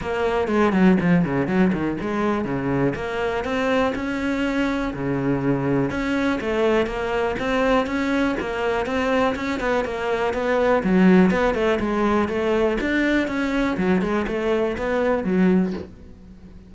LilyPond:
\new Staff \with { instrumentName = "cello" } { \time 4/4 \tempo 4 = 122 ais4 gis8 fis8 f8 cis8 fis8 dis8 | gis4 cis4 ais4 c'4 | cis'2 cis2 | cis'4 a4 ais4 c'4 |
cis'4 ais4 c'4 cis'8 b8 | ais4 b4 fis4 b8 a8 | gis4 a4 d'4 cis'4 | fis8 gis8 a4 b4 fis4 | }